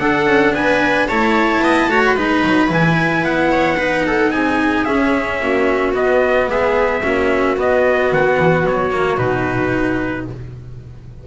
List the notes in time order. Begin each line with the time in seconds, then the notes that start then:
0.00 D4 A4 F#5
0.26 C#4
0.53 B3 B4 G#5
1.09 A3 E4 C#5 A5
1.61 B3 D#5
1.89 A3 F#4 C#5
2.06 B5
2.15 G#3 D#4 B4
2.44 F#3
2.68 E3 E4 G#5
3.24 B3 F#5
3.52 C#5
3.78 D#4 B4
4.07 A4
4.31 C4 G#4 G#5
4.85 C#4 E5
5.42 A#3 F#4
5.94 B3 D#5
6.48 G#3 G#4 E5
7.03 A#3 C#4 F#4
7.58 B3 D#5
8.13 D#3 F#5
8.38 E3
8.64 F#3 C#5
8.91 A#3
9.17 B2 D#4 B4